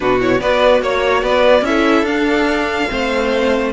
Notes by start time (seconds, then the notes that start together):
0.00 B2 D4 F#4 B4
0.20 E4 C#5
0.40 B3 F#4 B4 D5
0.81 A#3 C#5
1.23 B3 B4 D5
1.61 C#4 E4 A4 E5
2.02 D4 F5
2.88 A3 C4 C5